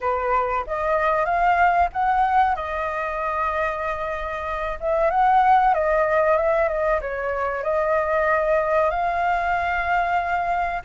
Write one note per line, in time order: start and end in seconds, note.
0.01 0.64 B4
0.66 1.25 D#5
1.25 1.89 F5
1.92 2.55 F#5
2.55 4.79 D#5
4.80 5.10 E5
5.10 5.74 F#5
5.74 6.37 D#5
6.37 6.68 E5
6.68 7.00 D#5
7.01 7.63 C#5
7.63 8.90 D#5
8.90 10.82 F5